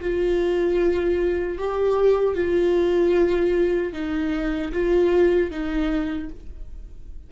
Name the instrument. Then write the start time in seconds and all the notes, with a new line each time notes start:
viola
0.00 F4
1.58 G4
2.35 F4
3.93 D#4
4.72 F4
5.50 D#4